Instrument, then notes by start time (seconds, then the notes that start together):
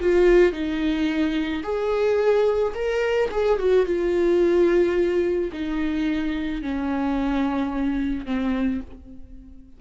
viola
0.00 F4
0.52 D#4
1.63 G#4
2.74 A#4
3.31 G#4
3.58 F#4
3.86 F4
5.52 D#4
6.62 C#4
8.25 C4